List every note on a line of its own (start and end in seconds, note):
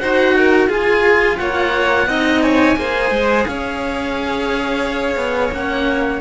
0.00 0.68 D#4
0.00 0.70 F#4
0.00 0.35 C5
0.00 0.69 F#5
0.37 0.68 A#4
0.68 1.37 F4
0.68 2.08 F4
0.68 1.37 G#4
0.68 1.38 G#5
1.38 2.07 A#3
1.38 2.08 C#5
1.38 2.42 F#5
2.07 2.76 C4
2.07 2.76 D#4
2.07 2.43 D#5
2.42 2.78 C#5
2.42 3.45 G#5
2.76 3.11 A#3
2.76 5.52 G#4
2.76 3.48 C5
3.11 3.45 G#3
3.46 5.16 C#4
3.46 6.22 C#5
3.46 5.53 F5
5.16 5.51 B3
5.52 6.21 A#3
5.52 6.22 C#4
5.52 6.22 F#5